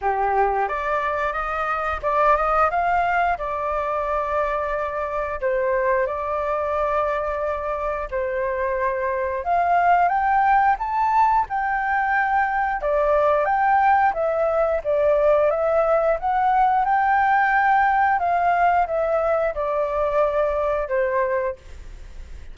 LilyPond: \new Staff \with { instrumentName = "flute" } { \time 4/4 \tempo 4 = 89 g'4 d''4 dis''4 d''8 dis''8 | f''4 d''2. | c''4 d''2. | c''2 f''4 g''4 |
a''4 g''2 d''4 | g''4 e''4 d''4 e''4 | fis''4 g''2 f''4 | e''4 d''2 c''4 | }